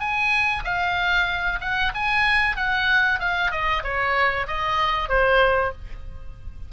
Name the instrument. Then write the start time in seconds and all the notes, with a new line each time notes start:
oboe
0.00 G#5
0.64 F5
1.60 F#5
1.94 G#5
2.56 F#5
3.20 F5
3.51 D#5
3.84 C#5
4.47 D#5
5.09 C5